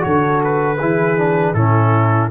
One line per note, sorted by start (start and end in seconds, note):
0.00 0.80 D3
0.00 0.76 F#4
0.00 0.78 A4
0.00 0.41 C#5
0.44 1.54 B4
0.78 1.53 E3
0.78 1.17 E4
0.78 1.54 G#4
1.17 1.55 D4
1.53 2.29 A2
1.53 2.30 C#4
1.53 2.30 E4
1.53 2.30 A4